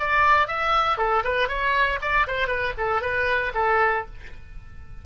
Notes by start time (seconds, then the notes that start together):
0.00 D5
0.48 E5
0.98 A4
1.25 B4
1.49 C#5
2.02 D5
2.28 C5
2.48 B4
2.78 A4
3.02 B4
3.55 A4